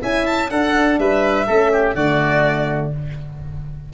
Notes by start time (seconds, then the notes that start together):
0.00 C#4 E4 E5 G#5
0.26 A5
0.50 D4 A4 F#5
0.98 G3 B4 E5
1.46 A3 C#4 A4
1.72 G4
1.94 D3 A3 F#4 D5